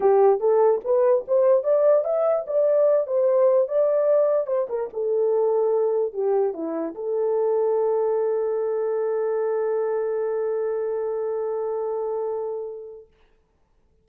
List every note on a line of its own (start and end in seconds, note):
0.00 0.40 G4
0.40 0.81 A4
0.84 1.25 B4
1.27 1.63 C5
1.63 2.04 D5
2.04 2.45 E5
2.46 3.06 D5
3.06 3.68 C5
3.68 4.47 D5
4.47 4.67 C5
4.69 4.89 A#4
4.93 6.13 A4
6.13 6.53 G4
6.53 6.94 E4
6.94 13.07 A4